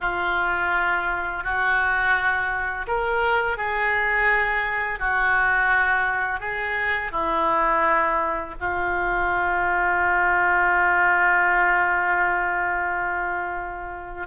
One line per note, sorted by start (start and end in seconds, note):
0.00 1.43 F4
1.43 2.86 F#4
2.87 3.57 A#4
3.57 4.99 G#4
4.99 6.40 F#4
6.40 7.11 G#4
7.11 8.54 E4
8.60 14.27 F4